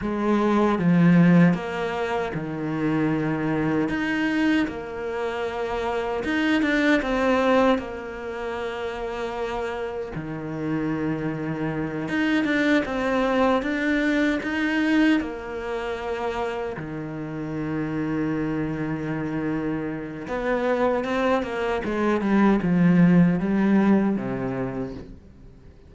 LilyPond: \new Staff \with { instrumentName = "cello" } { \time 4/4 \tempo 4 = 77 gis4 f4 ais4 dis4~ | dis4 dis'4 ais2 | dis'8 d'8 c'4 ais2~ | ais4 dis2~ dis8 dis'8 |
d'8 c'4 d'4 dis'4 ais8~ | ais4. dis2~ dis8~ | dis2 b4 c'8 ais8 | gis8 g8 f4 g4 c4 | }